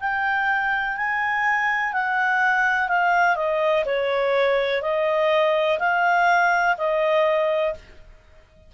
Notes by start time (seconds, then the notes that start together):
0.00 G5
0.97 G#5
1.93 F#5
2.89 F5
3.36 D#5
3.86 C#5
4.82 D#5
5.79 F5
6.77 D#5